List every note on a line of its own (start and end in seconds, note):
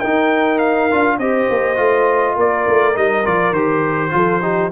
0.00 0.92 D#4
0.00 0.91 D#4
0.00 1.18 A#4
0.00 0.59 G5
0.59 1.18 F5
0.91 1.18 D4
0.91 1.20 F4
1.18 1.47 C4
1.18 1.76 G4
1.18 2.36 C5
1.18 2.37 D#5
1.50 1.79 A#3
1.76 2.37 A3
1.76 2.94 F4
2.36 2.66 A#3
2.36 4.12 A#4
2.36 2.97 D5
2.67 2.97 A3
2.94 3.26 G3
2.94 3.24 D#4
2.94 3.26 D#5
3.25 3.52 F3
3.25 3.54 F4
3.25 3.53 D5
3.52 4.11 D#3
3.52 4.10 G4
3.52 4.71 C5
4.10 4.72 F3
4.10 4.40 F4
4.10 4.42 A4
4.42 4.72 D#4
4.42 4.71 G4